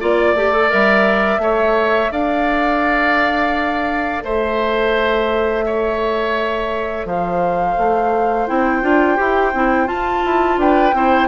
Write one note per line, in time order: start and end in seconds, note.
0.00 0.34 A#3
0.00 0.35 F4
0.00 1.41 D5
0.00 0.71 D5
0.34 0.70 A3
0.34 0.51 G4
0.51 0.69 A4
0.69 1.38 G3
0.69 1.39 A#4
0.69 2.12 E5
1.38 2.09 A3
1.38 8.45 A4
1.38 2.11 C#5
2.11 4.22 D4
2.11 4.23 D5
2.11 4.24 F5
4.22 7.05 A3
4.22 5.65 C5
4.22 7.06 E5
5.66 7.07 C#5
7.05 7.75 F3
7.05 10.60 C5
7.05 8.47 F5
7.77 8.48 A3
8.46 8.82 C4
8.46 8.82 E4
8.46 9.87 G5
8.82 9.18 D4
8.82 9.16 F4
9.16 9.54 E4
9.16 9.51 G4
9.54 9.87 C4
9.54 9.86 E4
9.86 10.92 F4
9.86 10.22 F4
9.86 10.58 A5
10.25 10.57 E4
10.57 10.92 D4
10.57 10.95 B4
10.57 11.27 G5
10.93 11.27 C4
10.93 11.27 E4
10.93 11.27 C5